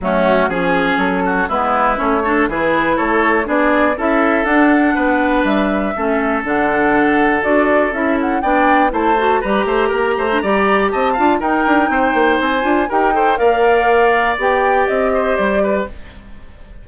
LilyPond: <<
  \new Staff \with { instrumentName = "flute" } { \time 4/4 \tempo 4 = 121 fis'4 gis'4 a'4 b'4 | cis''4 b'4 cis''4 d''4 | e''4 fis''2 e''4~ | e''4 fis''2 d''4 |
e''8 fis''8 g''4 a''4 ais''4~ | ais''2 a''4 g''4~ | g''4 gis''4 g''4 f''4~ | f''4 g''4 dis''4 d''4 | }
  \new Staff \with { instrumentName = "oboe" } { \time 4/4 cis'4 gis'4. fis'8 e'4~ | e'8 a'8 gis'4 a'4 gis'4 | a'2 b'2 | a'1~ |
a'4 d''4 c''4 b'8 c''8 | ais'8 c''8 d''4 dis''8 f''8 ais'4 | c''2 ais'8 c''8 d''4~ | d''2~ d''8 c''4 b'8 | }
  \new Staff \with { instrumentName = "clarinet" } { \time 4/4 a4 cis'2 b4 | cis'8 d'8 e'2 d'4 | e'4 d'2. | cis'4 d'2 fis'4 |
e'4 d'4 e'8 fis'8 g'4~ | g'8. d'16 g'4. f'8 dis'4~ | dis'4. f'8 g'8 a'8 ais'4~ | ais'4 g'2. | }
  \new Staff \with { instrumentName = "bassoon" } { \time 4/4 fis4 f4 fis4 gis4 | a4 e4 a4 b4 | cis'4 d'4 b4 g4 | a4 d2 d'4 |
cis'4 b4 a4 g8 a8 | ais8 a8 g4 c'8 d'8 dis'8 d'8 | c'8 ais8 c'8 d'8 dis'4 ais4~ | ais4 b4 c'4 g4 | }
>>